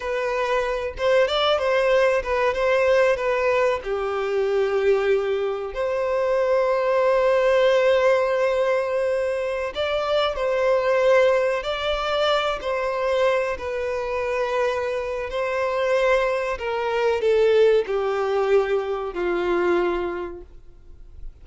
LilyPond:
\new Staff \with { instrumentName = "violin" } { \time 4/4 \tempo 4 = 94 b'4. c''8 d''8 c''4 b'8 | c''4 b'4 g'2~ | g'4 c''2.~ | c''2.~ c''16 d''8.~ |
d''16 c''2 d''4. c''16~ | c''4~ c''16 b'2~ b'8. | c''2 ais'4 a'4 | g'2 f'2 | }